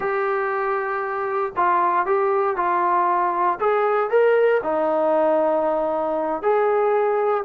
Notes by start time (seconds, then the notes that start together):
0.00 G4
1.56 F4
2.05 G4
2.56 F4
3.59 G#4
4.10 A#4
4.63 D#4
6.42 G#4